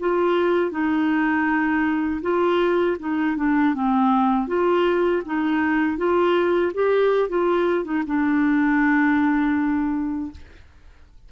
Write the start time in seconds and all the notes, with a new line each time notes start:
0.00 F4
0.71 D#4
2.22 F4
2.99 D#4
3.37 D4
3.74 C4
4.48 F4
5.26 D#4
5.97 F4
6.74 G4
7.29 F4
7.84 D#4
8.07 D4